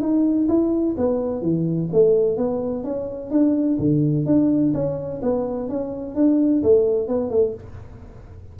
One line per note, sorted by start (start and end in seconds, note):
0.00 0.47 D#4
0.48 0.95 E4
0.97 1.42 B3
1.42 1.89 E3
1.92 2.37 A3
2.37 2.84 B3
2.84 3.30 C#4
3.30 3.78 D4
3.78 4.25 D3
4.25 4.73 D4
4.74 5.21 C#4
5.22 5.69 B3
5.69 6.15 C#4
6.15 6.62 D4
6.63 7.08 A3
7.08 7.30 B3
7.30 7.54 A3